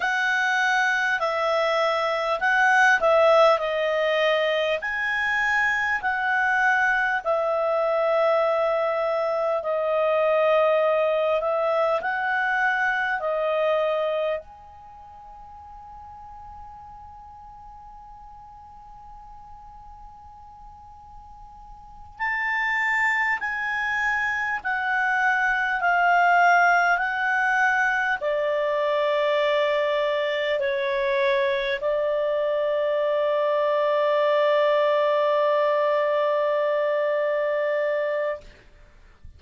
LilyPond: \new Staff \with { instrumentName = "clarinet" } { \time 4/4 \tempo 4 = 50 fis''4 e''4 fis''8 e''8 dis''4 | gis''4 fis''4 e''2 | dis''4. e''8 fis''4 dis''4 | gis''1~ |
gis''2~ gis''8 a''4 gis''8~ | gis''8 fis''4 f''4 fis''4 d''8~ | d''4. cis''4 d''4.~ | d''1 | }